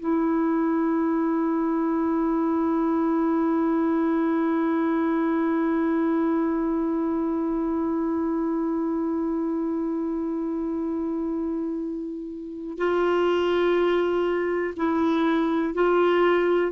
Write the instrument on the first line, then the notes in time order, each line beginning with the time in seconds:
clarinet
0.00 E4
12.78 F4
14.77 E4
15.74 F4